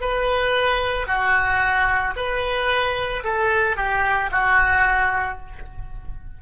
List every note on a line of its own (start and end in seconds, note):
0.00 1.07 B4
1.07 2.14 F#4
2.16 3.23 B4
3.23 3.76 A4
3.76 4.30 G4
4.31 5.38 F#4